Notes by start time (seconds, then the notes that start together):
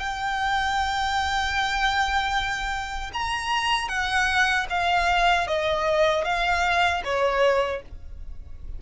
0.00 G5
3.13 A#5
3.89 F#5
4.70 F5
5.48 D#5
6.25 F5
7.04 C#5